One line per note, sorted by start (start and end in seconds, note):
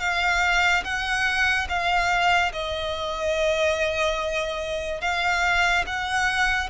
0.00 0.83 F5
0.84 1.67 F#5
1.69 2.52 F5
2.53 5.02 D#5
5.02 5.85 F5
5.87 6.70 F#5